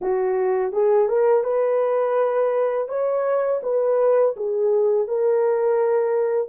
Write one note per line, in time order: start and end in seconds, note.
0.01 0.72 F#4
0.72 1.08 G#4
1.08 1.43 A#4
1.43 2.88 B4
2.88 3.60 C#5
3.62 4.35 B4
4.36 5.07 G#4
5.07 6.48 A#4